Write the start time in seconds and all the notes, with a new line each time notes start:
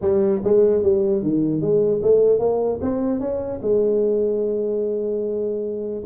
0.01 G3
0.44 G#3
0.83 G3
1.22 D#3
1.61 G#3
2.02 A3
2.39 A#3
2.81 C4
3.19 C#4
3.61 G#3